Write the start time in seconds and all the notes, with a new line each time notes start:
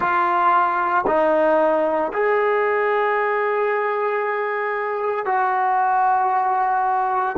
0.00 F4
1.06 D#4
2.12 G#4
5.25 F#4